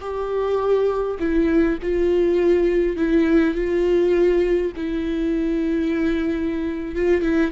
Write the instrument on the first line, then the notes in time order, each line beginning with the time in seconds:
viola
0.00 G4
1.19 E4
1.82 F4
2.96 E4
3.55 F4
4.76 E4
6.95 F4
7.22 E4